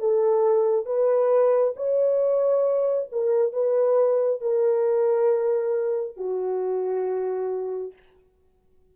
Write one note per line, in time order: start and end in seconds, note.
0.00 0.86 A4
0.86 1.74 B4
1.76 3.09 C#5
3.12 3.53 A#4
3.53 4.41 B4
4.42 6.17 A#4
6.17 7.93 F#4